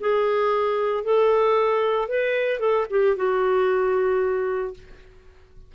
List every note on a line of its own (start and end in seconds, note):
0.00 1.04 G#4
1.04 2.09 A4
2.09 2.60 B4
2.60 2.86 A4
2.90 3.16 G4
3.16 4.74 F#4